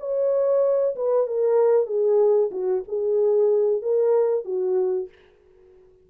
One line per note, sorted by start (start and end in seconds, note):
0.00 0.96 C#5
0.96 1.27 B4
1.27 1.87 A#4
1.87 2.50 G#4
2.52 2.83 F#4
2.88 3.82 G#4
3.82 4.45 A#4
4.45 5.09 F#4